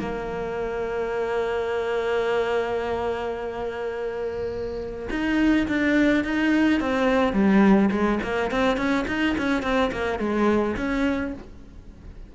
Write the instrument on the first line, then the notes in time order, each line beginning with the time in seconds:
cello
0.00 A#3
5.11 D#4
5.68 D4
6.24 D#4
6.81 C4
7.34 G3
7.91 G#3
8.23 A#3
8.51 C4
8.77 C#4
9.08 D#4
9.38 C#4
9.63 C4
9.92 A#3
10.20 G#3
10.77 C#4